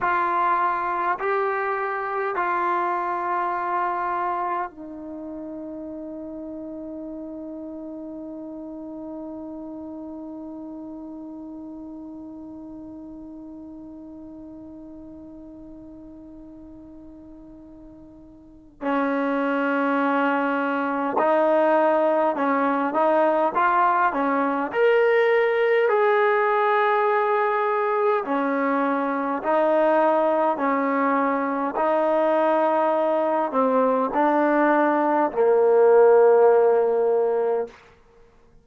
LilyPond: \new Staff \with { instrumentName = "trombone" } { \time 4/4 \tempo 4 = 51 f'4 g'4 f'2 | dis'1~ | dis'1~ | dis'1 |
cis'2 dis'4 cis'8 dis'8 | f'8 cis'8 ais'4 gis'2 | cis'4 dis'4 cis'4 dis'4~ | dis'8 c'8 d'4 ais2 | }